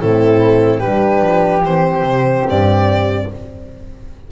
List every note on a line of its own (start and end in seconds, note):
0.00 0.84 A2
0.00 0.81 C4
0.00 0.79 E4
0.00 0.80 A4
0.79 1.22 G3
0.79 1.64 D4
0.79 3.26 G4
0.79 1.62 B4
1.22 1.63 F3
1.63 2.03 E3
1.63 3.31 C4
1.63 2.47 C5
2.03 2.44 C3
2.49 3.31 G2
2.49 3.32 D5